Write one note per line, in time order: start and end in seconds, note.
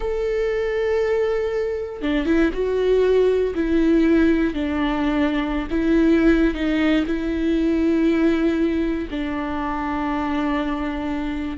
0.00 2.01 A4
2.01 2.25 D4
2.25 2.50 E4
2.53 3.54 F#4
3.54 4.54 E4
4.54 5.67 D4
5.70 6.54 E4
6.54 7.05 D#4
7.06 9.08 E4
9.10 11.57 D4